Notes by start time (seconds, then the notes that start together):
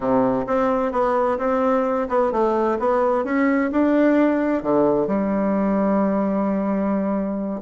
0.00 C3
0.46 C4
0.91 B3
1.38 C4
2.09 B3
2.31 A3
2.79 B3
3.24 C#4
3.71 D4
4.62 D3
5.07 G3